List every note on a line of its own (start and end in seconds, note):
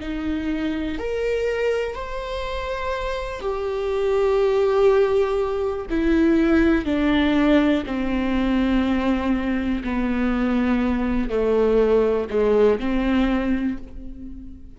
0.00 0.98 D#4
0.98 1.95 A#4
1.95 3.41 C5
3.41 5.87 G4
5.90 6.85 E4
6.85 7.84 D4
7.86 9.83 C4
9.85 11.30 B3
11.30 12.28 A3
12.30 12.80 G#3
12.80 13.78 C4